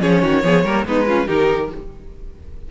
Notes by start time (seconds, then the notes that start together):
0.00 F3 C#4 G#4 C#5
0.21 D#3 F#4
0.43 F3 B3 G#4
0.64 G3 A#3 A#4
0.85 G#3 B3 D#4 B4
1.07 C#4 F4
1.27 D#3 D#4 G4 A#4